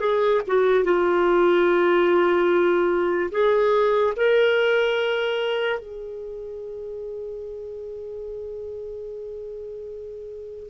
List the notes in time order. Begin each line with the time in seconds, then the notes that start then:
0.00 G#4
0.47 F#4
0.84 F4
3.31 G#4
4.16 A#4
5.79 G#4